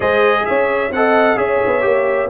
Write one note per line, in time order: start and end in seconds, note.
0.00 0.44 G#3
0.00 0.91 G#4
0.00 0.43 C5
0.00 0.45 D#5
0.45 0.90 C#4
0.45 0.94 C#5
0.45 0.91 E5
0.90 1.36 C4
0.90 1.36 A4
0.90 1.38 D#5
0.90 1.37 F#5
1.36 1.59 C#4
1.36 1.81 G#4
1.36 2.30 C#5
1.36 2.29 E5
1.66 1.84 B3
1.81 2.30 A#3
1.81 2.27 G4